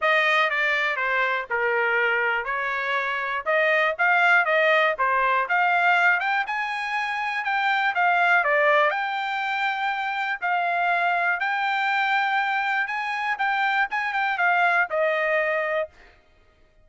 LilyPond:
\new Staff \with { instrumentName = "trumpet" } { \time 4/4 \tempo 4 = 121 dis''4 d''4 c''4 ais'4~ | ais'4 cis''2 dis''4 | f''4 dis''4 c''4 f''4~ | f''8 g''8 gis''2 g''4 |
f''4 d''4 g''2~ | g''4 f''2 g''4~ | g''2 gis''4 g''4 | gis''8 g''8 f''4 dis''2 | }